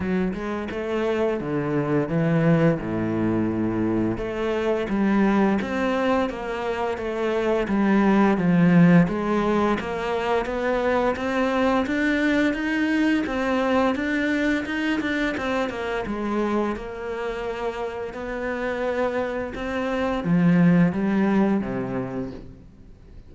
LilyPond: \new Staff \with { instrumentName = "cello" } { \time 4/4 \tempo 4 = 86 fis8 gis8 a4 d4 e4 | a,2 a4 g4 | c'4 ais4 a4 g4 | f4 gis4 ais4 b4 |
c'4 d'4 dis'4 c'4 | d'4 dis'8 d'8 c'8 ais8 gis4 | ais2 b2 | c'4 f4 g4 c4 | }